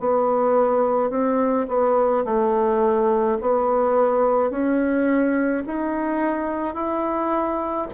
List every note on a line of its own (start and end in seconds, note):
0.00 1.11 B3
1.11 1.67 C4
1.68 2.25 B3
2.25 3.39 A3
3.41 4.51 B3
4.51 5.64 C#4
5.67 6.75 D#4
6.75 7.88 E4